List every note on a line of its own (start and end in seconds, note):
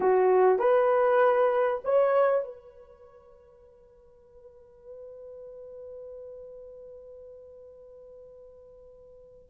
0.00 0.58 F#4
0.58 1.81 B4
1.84 2.44 C#5
2.44 9.48 B4